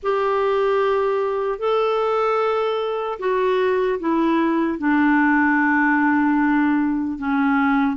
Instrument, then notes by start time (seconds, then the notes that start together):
clarinet
0.03 G4
1.59 A4
3.19 F#4
3.99 E4
4.78 D4
7.18 C#4